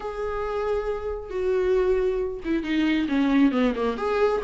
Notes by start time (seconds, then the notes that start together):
0.00 G#4
1.29 F#4
2.44 E4
2.63 D#4
3.08 C#4
3.51 B3
3.75 A#3
3.97 G#4